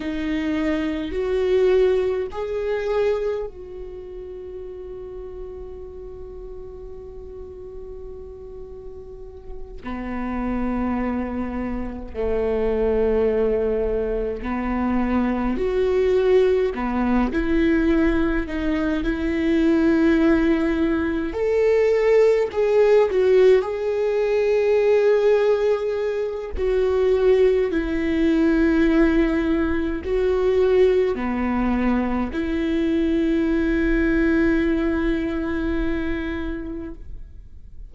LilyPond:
\new Staff \with { instrumentName = "viola" } { \time 4/4 \tempo 4 = 52 dis'4 fis'4 gis'4 fis'4~ | fis'1~ | fis'8 b2 a4.~ | a8 b4 fis'4 b8 e'4 |
dis'8 e'2 a'4 gis'8 | fis'8 gis'2~ gis'8 fis'4 | e'2 fis'4 b4 | e'1 | }